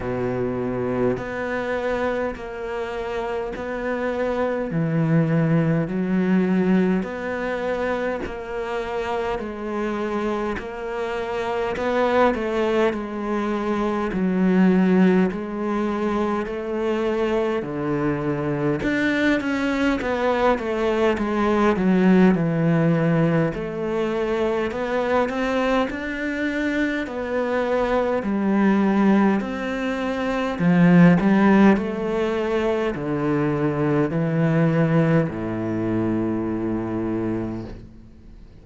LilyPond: \new Staff \with { instrumentName = "cello" } { \time 4/4 \tempo 4 = 51 b,4 b4 ais4 b4 | e4 fis4 b4 ais4 | gis4 ais4 b8 a8 gis4 | fis4 gis4 a4 d4 |
d'8 cis'8 b8 a8 gis8 fis8 e4 | a4 b8 c'8 d'4 b4 | g4 c'4 f8 g8 a4 | d4 e4 a,2 | }